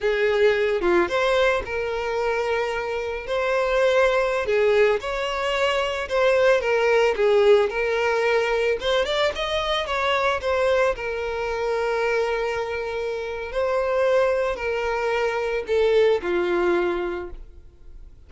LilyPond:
\new Staff \with { instrumentName = "violin" } { \time 4/4 \tempo 4 = 111 gis'4. f'8 c''4 ais'4~ | ais'2 c''2~ | c''16 gis'4 cis''2 c''8.~ | c''16 ais'4 gis'4 ais'4.~ ais'16~ |
ais'16 c''8 d''8 dis''4 cis''4 c''8.~ | c''16 ais'2.~ ais'8.~ | ais'4 c''2 ais'4~ | ais'4 a'4 f'2 | }